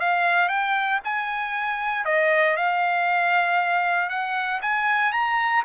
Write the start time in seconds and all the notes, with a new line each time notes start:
0.00 F5
0.49 G5
1.04 G#5
2.05 D#5
2.57 F5
4.09 F#5
4.62 G#5
5.12 A#5